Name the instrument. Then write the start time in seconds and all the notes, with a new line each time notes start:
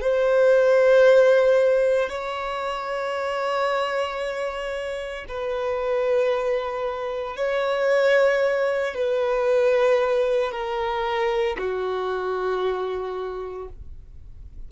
violin
0.00 C5
2.09 C#5
5.28 B4
7.36 C#5
8.94 B4
10.51 A#4
11.57 F#4